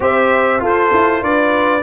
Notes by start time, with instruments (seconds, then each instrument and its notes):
0.00 tuba C4, trombone G4, horn C5, trumpet E5
0.58 trombone F4, tuba F4, horn A4
0.65 trumpet C5
0.93 tuba E4
1.22 tuba D4, horn B4, trumpet D5